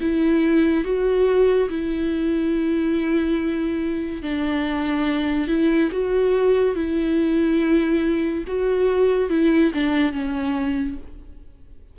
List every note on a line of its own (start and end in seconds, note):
0.00 0.84 E4
0.84 1.69 F#4
1.69 4.22 E4
4.22 5.47 D4
5.47 5.90 E4
5.91 6.75 F#4
6.75 8.44 E4
8.47 9.29 F#4
9.29 9.71 E4
9.74 10.12 D4
10.12 10.97 C#4